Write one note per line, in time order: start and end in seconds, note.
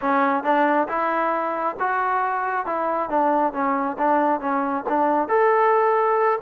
0.01 0.43 C#4
0.43 0.87 D4
0.87 1.76 E4
1.79 2.66 F#4
2.66 3.09 E4
3.09 3.53 D4
3.53 3.97 C#4
3.97 4.40 D4
4.40 4.84 C#4
4.88 5.28 D4
5.28 6.39 A4